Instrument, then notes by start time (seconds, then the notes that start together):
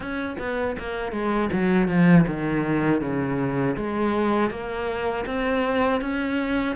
cello
0.00 C#4
0.39 B3
0.78 A#3
1.11 G#3
1.52 F#3
1.88 F3
2.27 D#3
3.01 C#3
3.76 G#3
4.50 A#3
5.26 C4
6.01 C#4